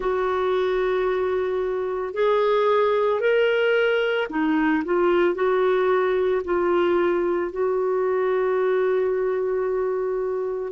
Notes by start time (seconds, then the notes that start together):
0.00 F#4
2.13 G#4
3.20 A#4
4.29 D#4
4.85 F4
5.34 F#4
6.44 F4
7.51 F#4